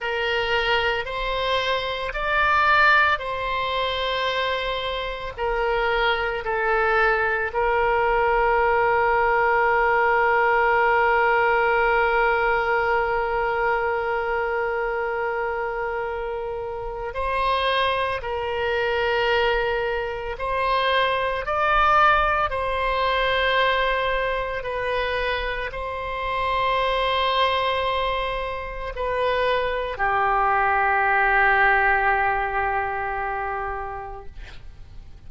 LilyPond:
\new Staff \with { instrumentName = "oboe" } { \time 4/4 \tempo 4 = 56 ais'4 c''4 d''4 c''4~ | c''4 ais'4 a'4 ais'4~ | ais'1~ | ais'1 |
c''4 ais'2 c''4 | d''4 c''2 b'4 | c''2. b'4 | g'1 | }